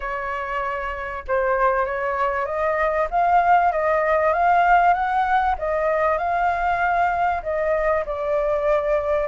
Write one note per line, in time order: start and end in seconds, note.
0.00 1.24 C#5
1.27 1.85 C5
1.85 2.45 C#5
2.45 3.07 D#5
3.10 3.72 F5
3.72 4.33 D#5
4.33 4.93 F5
4.93 5.55 F#5
5.58 6.18 D#5
6.18 7.41 F5
7.42 8.04 D#5
8.05 9.28 D5